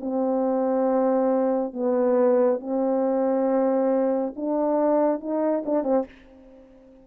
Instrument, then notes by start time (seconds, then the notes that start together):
horn
0.00 C4
1.73 B3
2.60 C4
4.36 D4
5.20 D#4
5.66 D4
5.83 C4